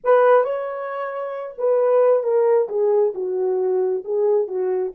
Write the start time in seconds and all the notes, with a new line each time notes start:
0.03 B4
0.44 C#5
1.58 B4
2.23 A#4
2.69 G#4
3.14 F#4
4.04 G#4
4.47 F#4